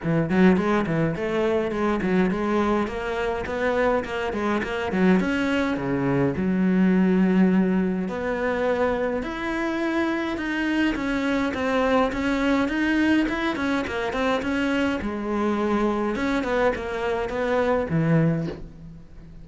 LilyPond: \new Staff \with { instrumentName = "cello" } { \time 4/4 \tempo 4 = 104 e8 fis8 gis8 e8 a4 gis8 fis8 | gis4 ais4 b4 ais8 gis8 | ais8 fis8 cis'4 cis4 fis4~ | fis2 b2 |
e'2 dis'4 cis'4 | c'4 cis'4 dis'4 e'8 cis'8 | ais8 c'8 cis'4 gis2 | cis'8 b8 ais4 b4 e4 | }